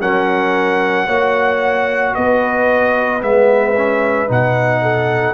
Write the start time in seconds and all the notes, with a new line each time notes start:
0.00 F#3 C#4 A#4 F#5
1.06 A#3 F#4 C#5
2.14 B3 B4 D#5
3.20 G#3 B3 E5
3.76 C#4
4.27 B2 D#4 F#5
4.81 A4